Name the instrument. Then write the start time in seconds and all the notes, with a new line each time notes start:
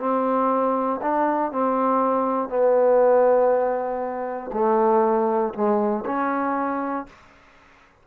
trombone
0.00 C4
1.02 D4
1.52 C4
2.49 B3
4.53 A3
5.54 G#3
6.06 C#4